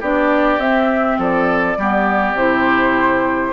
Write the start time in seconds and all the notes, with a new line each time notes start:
0.00 B3 D4 G4 D5
0.58 C4 E5
1.18 F3 A4 D5
1.77 G3 B3 G4
2.33 C3 E4 C5